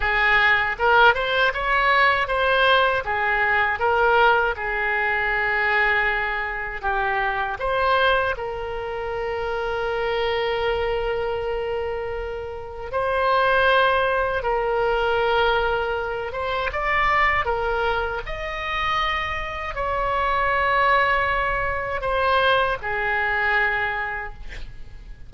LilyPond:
\new Staff \with { instrumentName = "oboe" } { \time 4/4 \tempo 4 = 79 gis'4 ais'8 c''8 cis''4 c''4 | gis'4 ais'4 gis'2~ | gis'4 g'4 c''4 ais'4~ | ais'1~ |
ais'4 c''2 ais'4~ | ais'4. c''8 d''4 ais'4 | dis''2 cis''2~ | cis''4 c''4 gis'2 | }